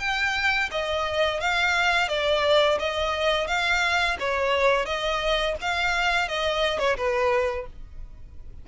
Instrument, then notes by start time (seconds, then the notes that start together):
violin
0.00 G5
0.72 D#5
1.41 F5
2.09 D5
2.79 D#5
3.48 F5
4.20 C#5
4.86 D#5
5.62 F5
6.29 D#5
6.79 C#5
6.97 B4